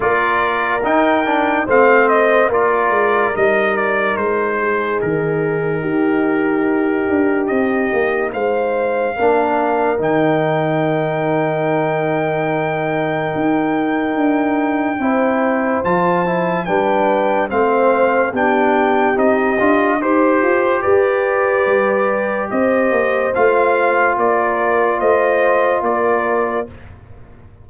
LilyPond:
<<
  \new Staff \with { instrumentName = "trumpet" } { \time 4/4 \tempo 4 = 72 d''4 g''4 f''8 dis''8 d''4 | dis''8 d''8 c''4 ais'2~ | ais'4 dis''4 f''2 | g''1~ |
g''2. a''4 | g''4 f''4 g''4 dis''4 | c''4 d''2 dis''4 | f''4 d''4 dis''4 d''4 | }
  \new Staff \with { instrumentName = "horn" } { \time 4/4 ais'2 c''4 ais'4~ | ais'4. gis'4. g'4~ | g'2 c''4 ais'4~ | ais'1~ |
ais'2 c''2 | b'4 c''4 g'2 | c''4 b'2 c''4~ | c''4 ais'4 c''4 ais'4 | }
  \new Staff \with { instrumentName = "trombone" } { \time 4/4 f'4 dis'8 d'8 c'4 f'4 | dis'1~ | dis'2. d'4 | dis'1~ |
dis'2 e'4 f'8 e'8 | d'4 c'4 d'4 dis'8 f'8 | g'1 | f'1 | }
  \new Staff \with { instrumentName = "tuba" } { \time 4/4 ais4 dis'4 a4 ais8 gis8 | g4 gis4 dis4 dis'4~ | dis'8 d'8 c'8 ais8 gis4 ais4 | dis1 |
dis'4 d'4 c'4 f4 | g4 a4 b4 c'8 d'8 | dis'8 f'8 g'4 g4 c'8 ais8 | a4 ais4 a4 ais4 | }
>>